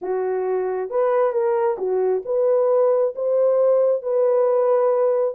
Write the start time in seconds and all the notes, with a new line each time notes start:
0.01 F#4
0.90 B4
1.32 A#4
1.78 F#4
2.25 B4
3.15 C5
4.02 B4